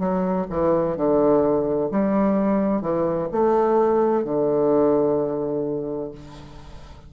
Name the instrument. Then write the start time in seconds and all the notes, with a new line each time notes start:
bassoon
0.00 F#3
0.50 E3
0.97 D3
1.91 G3
2.82 E3
3.32 A3
4.24 D3